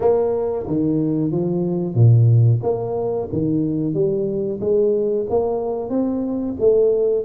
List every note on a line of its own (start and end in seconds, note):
0.00 0.66 A#3
0.67 1.31 D#3
1.31 1.94 F3
1.94 2.60 A#2
2.62 3.28 A#3
3.32 3.94 D#3
3.94 4.59 G3
4.60 5.26 G#3
5.29 5.89 A#3
5.89 6.55 C4
6.59 7.24 A3